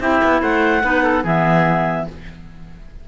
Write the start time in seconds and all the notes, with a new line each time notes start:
0.00 C4 E4 G4 E5
0.24 B3
0.42 A3 C5 F#5
0.82 B3 D#4 B4
1.03 A4
1.23 E3 B3 G#4 E5